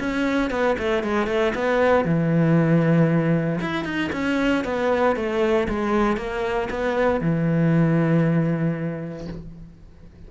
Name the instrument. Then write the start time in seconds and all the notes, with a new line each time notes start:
cello
0.00 C#4
0.51 B3
0.79 A3
1.04 G#3
1.27 A3
1.55 B3
2.05 E3
3.61 E4
3.85 D#4
4.13 C#4
4.65 B3
5.16 A3
5.69 G#3
6.17 A#3
6.70 B3
7.21 E3